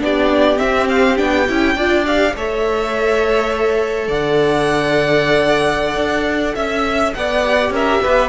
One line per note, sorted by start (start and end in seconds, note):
0.00 0.60 B3
0.00 0.57 D4
0.00 1.76 G4
0.00 0.58 D5
0.57 1.15 C4
0.57 1.20 C4
0.57 0.87 E5
0.89 1.17 F5
1.17 1.49 B3
1.17 1.46 D4
1.17 2.05 G5
1.49 1.75 C#4
1.49 1.78 E4
1.75 2.34 D4
1.75 2.05 F4
1.75 2.34 D5
2.05 2.34 G4
2.05 2.36 F5
2.34 4.08 A3
2.34 7.44 A4
2.34 4.08 C#5
2.34 4.11 E5
4.08 5.96 D3
4.08 6.56 D5
4.08 6.55 F#5
5.96 6.54 D4
6.55 7.14 C#4
6.55 7.13 E5
6.55 7.15 E5
7.14 7.70 B3
7.14 7.73 D5
7.14 7.73 F#5
7.44 8.29 G4
7.70 7.99 C#4
7.70 8.02 A#4
7.70 8.29 E5
8.02 8.29 B3
8.02 8.29 B4